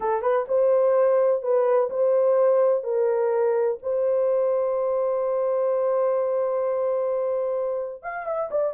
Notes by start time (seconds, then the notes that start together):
0.00 A4
0.21 B4
0.47 C5
1.42 B4
1.90 C5
2.83 A#4
3.82 C5
8.03 F5
8.26 E5
8.50 D5